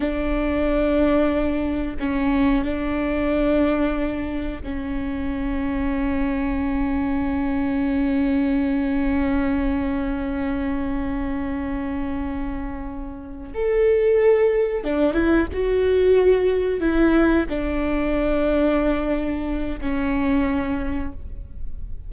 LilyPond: \new Staff \with { instrumentName = "viola" } { \time 4/4 \tempo 4 = 91 d'2. cis'4 | d'2. cis'4~ | cis'1~ | cis'1~ |
cis'1~ | cis'8 a'2 d'8 e'8 fis'8~ | fis'4. e'4 d'4.~ | d'2 cis'2 | }